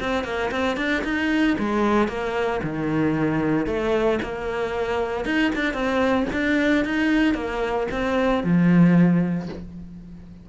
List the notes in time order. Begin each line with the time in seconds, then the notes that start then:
0.00 C4
0.24 A#3
0.51 C4
0.77 D4
1.04 D#4
1.59 G#3
2.08 A#3
2.63 D#3
3.67 A3
4.22 A#3
5.25 D#4
5.55 D4
5.74 C4
6.32 D4
6.85 D#4
7.35 A#3
7.91 C4
8.44 F3